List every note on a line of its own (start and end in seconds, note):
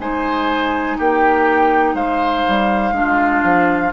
0.00 0.98 G#3
0.00 2.94 D#4
0.00 0.98 C5
0.00 0.99 G#5
0.98 1.95 A#3
0.98 1.95 G4
0.98 1.96 G5
1.95 2.44 G#3
1.95 2.94 C5
1.95 3.92 F5
2.49 2.92 G3
2.92 3.42 G#3
2.92 3.92 D4
2.92 3.93 F4
3.44 3.93 F3